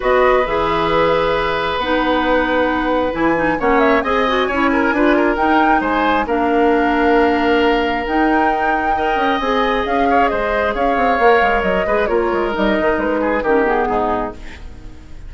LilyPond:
<<
  \new Staff \with { instrumentName = "flute" } { \time 4/4 \tempo 4 = 134 dis''4 e''2. | fis''2. gis''4 | fis''8 e''8 gis''2. | g''4 gis''4 f''2~ |
f''2 g''2~ | g''4 gis''4 f''4 dis''4 | f''2 dis''4 cis''4 | dis''4 b'4 ais'8 gis'4. | }
  \new Staff \with { instrumentName = "oboe" } { \time 4/4 b'1~ | b'1 | cis''4 dis''4 cis''8 ais'8 b'8 ais'8~ | ais'4 c''4 ais'2~ |
ais'1 | dis''2~ dis''8 cis''8 c''4 | cis''2~ cis''8 b'8 ais'4~ | ais'4. gis'8 g'4 dis'4 | }
  \new Staff \with { instrumentName = "clarinet" } { \time 4/4 fis'4 gis'2. | dis'2. e'8 dis'8 | cis'4 gis'8 fis'8 e'4 f'4 | dis'2 d'2~ |
d'2 dis'2 | ais'4 gis'2.~ | gis'4 ais'4. gis'8 f'4 | dis'2 cis'8 b4. | }
  \new Staff \with { instrumentName = "bassoon" } { \time 4/4 b4 e2. | b2. e4 | ais4 c'4 cis'4 d'4 | dis'4 gis4 ais2~ |
ais2 dis'2~ | dis'8 cis'8 c'4 cis'4 gis4 | cis'8 c'8 ais8 gis8 fis8 gis8 ais8 gis8 | g8 dis8 gis4 dis4 gis,4 | }
>>